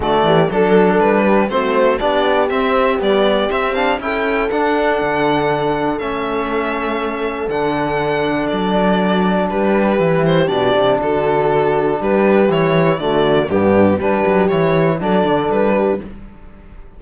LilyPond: <<
  \new Staff \with { instrumentName = "violin" } { \time 4/4 \tempo 4 = 120 d''4 a'4 b'4 c''4 | d''4 e''4 d''4 e''8 f''8 | g''4 fis''2. | e''2. fis''4~ |
fis''4 d''2 b'4~ | b'8 c''8 d''4 a'2 | b'4 cis''4 d''4 g'4 | b'4 cis''4 d''4 b'4 | }
  \new Staff \with { instrumentName = "horn" } { \time 4/4 fis'8 g'8 a'4. g'8 fis'4 | g'1 | a'1~ | a'1~ |
a'2. g'4~ | g'2 fis'2 | g'2 fis'4 d'4 | g'2 a'4. g'8 | }
  \new Staff \with { instrumentName = "trombone" } { \time 4/4 a4 d'2 c'4 | d'4 c'4 g4 c'8 d'8 | e'4 d'2. | cis'2. d'4~ |
d'1 | e'4 d'2.~ | d'4 e'4 a4 b4 | d'4 e'4 d'2 | }
  \new Staff \with { instrumentName = "cello" } { \time 4/4 d8 e8 fis4 g4 a4 | b4 c'4 b4 c'4 | cis'4 d'4 d2 | a2. d4~ |
d4 fis2 g4 | e4 b,8 c8 d2 | g4 e4 d4 g,4 | g8 fis8 e4 fis8 d8 g4 | }
>>